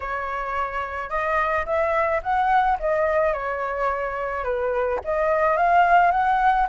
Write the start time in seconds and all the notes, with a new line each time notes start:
0.00 C#5
1.09 D#5
1.65 E5
2.22 F#5
2.79 D#5
3.33 C#5
4.44 B4
5.04 D#5
5.57 F5
6.11 F#5